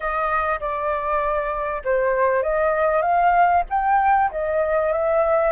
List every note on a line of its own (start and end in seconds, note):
0.00 0.59 D#5
0.60 1.82 D5
1.84 2.42 C5
2.42 3.02 D#5
3.02 3.63 F5
3.69 4.31 G5
4.31 4.92 D#5
4.92 5.52 E5